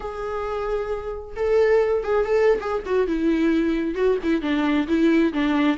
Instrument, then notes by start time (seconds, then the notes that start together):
viola
0.00 G#4
1.36 A4
2.03 G#4
2.25 A4
2.60 G#4
2.85 F#4
3.07 E4
3.94 F#4
4.23 E4
4.41 D4
4.87 E4
5.33 D4